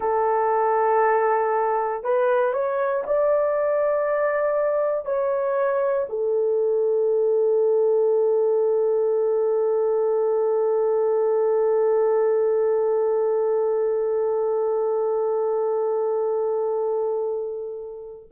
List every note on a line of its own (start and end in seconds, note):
0.00 2.03 A4
2.03 2.53 B4
2.53 3.04 C#5
3.06 5.05 D5
5.05 6.06 C#5
6.09 18.29 A4